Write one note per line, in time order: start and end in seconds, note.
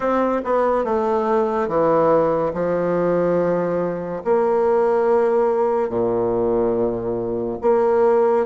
0.00 0.41 C4
0.44 0.84 B3
0.84 1.67 A3
1.67 2.52 E3
2.54 4.23 F3
4.24 5.89 A#3
5.89 7.58 A#2
7.61 8.45 A#3